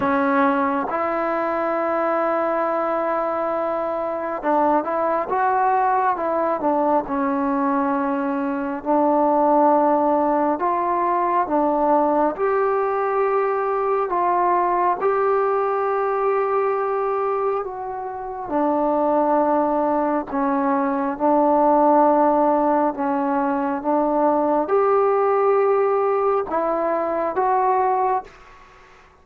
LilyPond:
\new Staff \with { instrumentName = "trombone" } { \time 4/4 \tempo 4 = 68 cis'4 e'2.~ | e'4 d'8 e'8 fis'4 e'8 d'8 | cis'2 d'2 | f'4 d'4 g'2 |
f'4 g'2. | fis'4 d'2 cis'4 | d'2 cis'4 d'4 | g'2 e'4 fis'4 | }